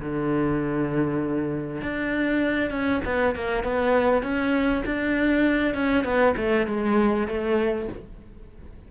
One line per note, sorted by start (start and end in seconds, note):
0.00 1.82 D3
1.82 2.71 D4
2.71 3.01 C#4
3.05 3.35 B3
3.36 3.64 A#3
3.64 4.23 B3
4.23 4.84 C#4
4.86 5.75 D4
5.75 6.05 C#4
6.05 6.35 B3
6.37 6.67 A3
6.67 7.28 G#3
7.28 7.89 A3